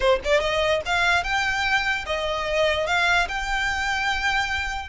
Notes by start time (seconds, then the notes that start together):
0.00 C5
0.24 D5
0.40 D#5
0.85 F5
1.23 G5
2.06 D#5
2.86 F5
3.28 G5